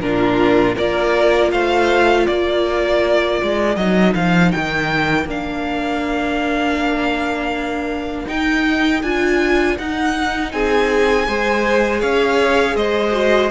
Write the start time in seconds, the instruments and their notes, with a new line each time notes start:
0.00 cello A#2, viola D4, violin F4 A#4
0.75 cello A#3, viola F4, violin A#4 D5
1.51 cello A3, violin C5 F5
2.26 cello A#3, violin A#4 D5
3.42 cello G#3
3.76 cello F#3, viola D#4, violin D#5
4.14 cello F3, violin F5
4.51 cello D#3, violin G5
5.25 cello A#3, viola D4, violin F5
8.26 viola D#4, cello D#4, violin G5
9.02 cello D4, viola F4, violin G#5
9.78 cello D#4, viola D#4, violin F#5
10.51 cello C4, violin G#4 G#5
11.27 cello G#3, viola G#4, violin C5
12.00 cello C#4, violin C#5 F5
12.75 cello G#3, violin C5 D#5
13.11 viola F#4